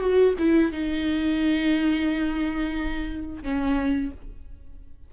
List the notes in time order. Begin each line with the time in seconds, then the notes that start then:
0.00 F#4
0.38 E4
0.72 D#4
3.42 C#4